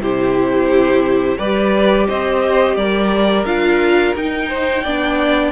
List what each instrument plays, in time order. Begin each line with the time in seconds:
0.00 cello C3, viola E4, violin G4 C5
1.38 cello G3, viola G4, violin B4 D5
2.07 cello C4, violin C5 D#5
2.76 cello G3, violin A#4 D5
3.45 cello D4, viola F4, violin F5
4.16 cello D#4, viola D#4, violin G5
4.48 violin C5
4.83 cello B3, viola D4, violin D5